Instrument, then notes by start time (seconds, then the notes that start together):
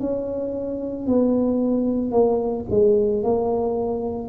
tuba
0.00 C#4
1.07 B3
2.12 A#3
2.70 G#3
3.23 A#3